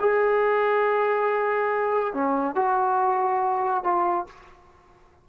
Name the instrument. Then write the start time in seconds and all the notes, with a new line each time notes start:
trombone
0.00 G#4
2.14 C#4
2.55 F#4
3.84 F4